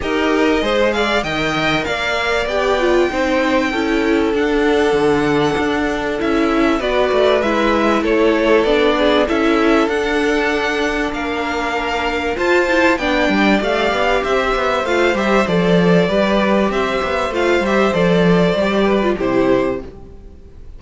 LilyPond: <<
  \new Staff \with { instrumentName = "violin" } { \time 4/4 \tempo 4 = 97 dis''4. f''8 g''4 f''4 | g''2. fis''4~ | fis''2 e''4 d''4 | e''4 cis''4 d''4 e''4 |
fis''2 f''2 | a''4 g''4 f''4 e''4 | f''8 e''8 d''2 e''4 | f''8 e''8 d''2 c''4 | }
  \new Staff \with { instrumentName = "violin" } { \time 4/4 ais'4 c''8 d''8 dis''4 d''4~ | d''4 c''4 a'2~ | a'2. b'4~ | b'4 a'4. gis'8 a'4~ |
a'2 ais'2 | c''4 d''2 c''4~ | c''2 b'4 c''4~ | c''2~ c''8 b'8 g'4 | }
  \new Staff \with { instrumentName = "viola" } { \time 4/4 g'4 gis'4 ais'2 | g'8 f'8 dis'4 e'4 d'4~ | d'2 e'4 fis'4 | e'2 d'4 e'4 |
d'1 | f'8 e'8 d'4 g'2 | f'8 g'8 a'4 g'2 | f'8 g'8 a'4 g'8. f'16 e'4 | }
  \new Staff \with { instrumentName = "cello" } { \time 4/4 dis'4 gis4 dis4 ais4 | b4 c'4 cis'4 d'4 | d4 d'4 cis'4 b8 a8 | gis4 a4 b4 cis'4 |
d'2 ais2 | f'4 b8 g8 a8 b8 c'8 b8 | a8 g8 f4 g4 c'8 b8 | a8 g8 f4 g4 c4 | }
>>